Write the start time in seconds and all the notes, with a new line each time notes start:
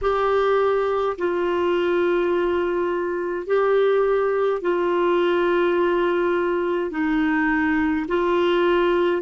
0.01 G4
1.17 F4
3.46 G4
4.62 F4
6.90 D#4
8.08 F4